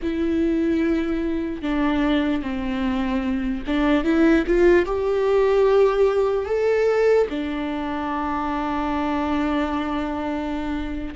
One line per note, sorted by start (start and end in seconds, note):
0.02 1.61 E4
1.61 2.41 D4
2.41 3.63 C4
3.66 4.04 D4
4.04 4.44 E4
4.46 4.85 F4
4.85 6.45 G4
6.45 7.26 A4
7.29 11.14 D4